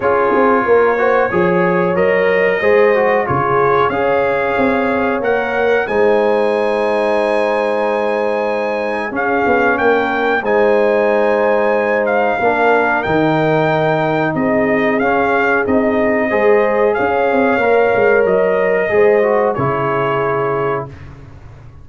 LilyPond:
<<
  \new Staff \with { instrumentName = "trumpet" } { \time 4/4 \tempo 4 = 92 cis''2. dis''4~ | dis''4 cis''4 f''2 | fis''4 gis''2.~ | gis''2 f''4 g''4 |
gis''2~ gis''8 f''4. | g''2 dis''4 f''4 | dis''2 f''2 | dis''2 cis''2 | }
  \new Staff \with { instrumentName = "horn" } { \time 4/4 gis'4 ais'8 c''8 cis''2 | c''4 gis'4 cis''2~ | cis''4 c''2.~ | c''2 gis'4 ais'4 |
c''2. ais'4~ | ais'2 gis'2~ | gis'4 c''4 cis''2~ | cis''4 c''4 gis'2 | }
  \new Staff \with { instrumentName = "trombone" } { \time 4/4 f'4. fis'8 gis'4 ais'4 | gis'8 fis'8 f'4 gis'2 | ais'4 dis'2.~ | dis'2 cis'2 |
dis'2. d'4 | dis'2. cis'4 | dis'4 gis'2 ais'4~ | ais'4 gis'8 fis'8 e'2 | }
  \new Staff \with { instrumentName = "tuba" } { \time 4/4 cis'8 c'8 ais4 f4 fis4 | gis4 cis4 cis'4 c'4 | ais4 gis2.~ | gis2 cis'8 b8 ais4 |
gis2. ais4 | dis2 c'4 cis'4 | c'4 gis4 cis'8 c'8 ais8 gis8 | fis4 gis4 cis2 | }
>>